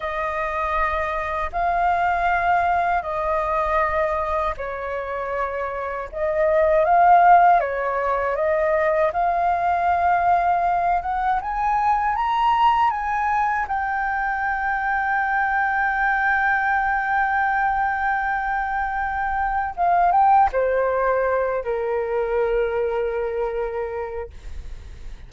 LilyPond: \new Staff \with { instrumentName = "flute" } { \time 4/4 \tempo 4 = 79 dis''2 f''2 | dis''2 cis''2 | dis''4 f''4 cis''4 dis''4 | f''2~ f''8 fis''8 gis''4 |
ais''4 gis''4 g''2~ | g''1~ | g''2 f''8 g''8 c''4~ | c''8 ais'2.~ ais'8 | }